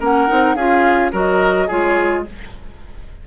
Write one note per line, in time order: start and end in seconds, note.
0.00 0.28 A#3
0.00 0.28 C#4
0.00 0.56 A#4
0.00 0.55 F#5
0.28 0.55 C4
0.28 0.56 D#4
0.55 1.12 C#4
0.55 1.12 F4
0.55 1.12 G#4
0.55 1.11 F5
1.12 1.69 F#3
1.12 1.68 F#4
1.12 1.67 A#4
1.12 1.70 D#5
1.67 2.27 G#3
1.67 2.25 F4
1.67 2.23 G#4
1.67 2.26 C#5